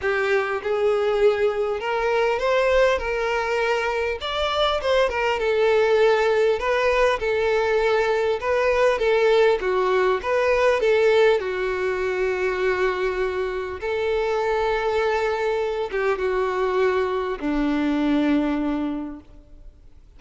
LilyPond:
\new Staff \with { instrumentName = "violin" } { \time 4/4 \tempo 4 = 100 g'4 gis'2 ais'4 | c''4 ais'2 d''4 | c''8 ais'8 a'2 b'4 | a'2 b'4 a'4 |
fis'4 b'4 a'4 fis'4~ | fis'2. a'4~ | a'2~ a'8 g'8 fis'4~ | fis'4 d'2. | }